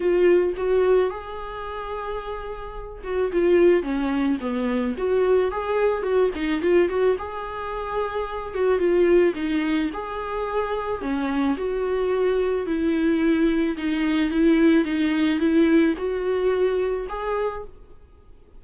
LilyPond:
\new Staff \with { instrumentName = "viola" } { \time 4/4 \tempo 4 = 109 f'4 fis'4 gis'2~ | gis'4. fis'8 f'4 cis'4 | b4 fis'4 gis'4 fis'8 dis'8 | f'8 fis'8 gis'2~ gis'8 fis'8 |
f'4 dis'4 gis'2 | cis'4 fis'2 e'4~ | e'4 dis'4 e'4 dis'4 | e'4 fis'2 gis'4 | }